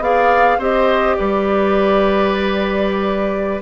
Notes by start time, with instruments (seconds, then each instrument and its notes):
0.00 bassoon B3, clarinet G#4, oboe D5, flute F5
0.58 bassoon C4, clarinet G4, oboe C5, flute D#5
1.16 bassoon G3, oboe B4, flute D5